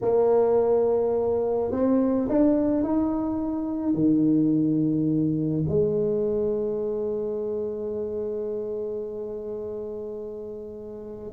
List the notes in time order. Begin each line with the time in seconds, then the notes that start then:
0.01 A#3
1.71 C4
2.28 D4
2.83 D#4
3.94 D#3
5.68 G#3